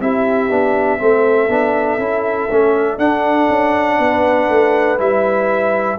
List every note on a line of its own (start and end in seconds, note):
0.00 0.50 C4
0.00 0.50 E4
0.00 1.00 G4
0.00 2.99 E5
0.50 1.00 B3
0.50 0.99 D4
0.99 1.48 A3
0.99 1.49 C4
0.99 3.99 A4
1.48 1.98 B3
1.48 1.99 D4
1.98 2.48 C#4
1.98 2.49 E4
2.50 2.98 A3
2.50 2.98 C#4
2.98 3.48 D4
2.98 4.98 D4
2.98 4.99 F#5
3.49 3.99 C#4
3.99 4.49 B3
3.99 5.99 B4
4.49 4.99 A3
4.98 5.99 G3
4.98 5.98 E4
4.98 5.99 E5